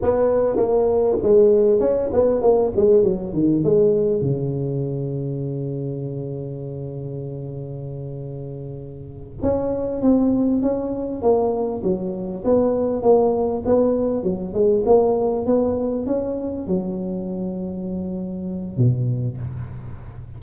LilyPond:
\new Staff \with { instrumentName = "tuba" } { \time 4/4 \tempo 4 = 99 b4 ais4 gis4 cis'8 b8 | ais8 gis8 fis8 dis8 gis4 cis4~ | cis1~ | cis2.~ cis8 cis'8~ |
cis'8 c'4 cis'4 ais4 fis8~ | fis8 b4 ais4 b4 fis8 | gis8 ais4 b4 cis'4 fis8~ | fis2. b,4 | }